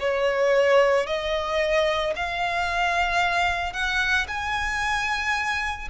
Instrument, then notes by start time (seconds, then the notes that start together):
violin
0.00 C#5
1.07 D#5
2.16 F5
3.73 F#5
4.28 G#5